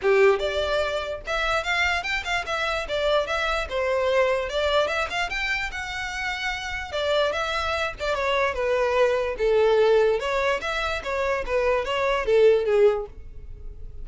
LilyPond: \new Staff \with { instrumentName = "violin" } { \time 4/4 \tempo 4 = 147 g'4 d''2 e''4 | f''4 g''8 f''8 e''4 d''4 | e''4 c''2 d''4 | e''8 f''8 g''4 fis''2~ |
fis''4 d''4 e''4. d''8 | cis''4 b'2 a'4~ | a'4 cis''4 e''4 cis''4 | b'4 cis''4 a'4 gis'4 | }